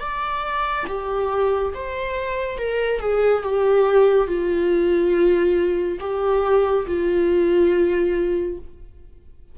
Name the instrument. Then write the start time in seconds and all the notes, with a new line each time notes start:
viola
0.00 D5
0.88 G4
1.74 C5
2.58 A#4
3.00 G#4
3.43 G4
4.27 F4
6.00 G4
6.86 F4